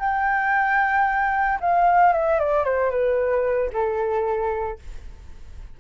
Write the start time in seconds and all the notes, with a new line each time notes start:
0.00 G5
1.61 F5
2.13 E5
2.39 D5
2.65 C5
2.91 B4
3.73 A4